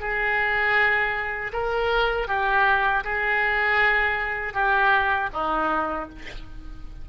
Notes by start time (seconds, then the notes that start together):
0.00 G#4
1.53 A#4
2.28 G4
3.04 G#4
4.54 G4
5.33 D#4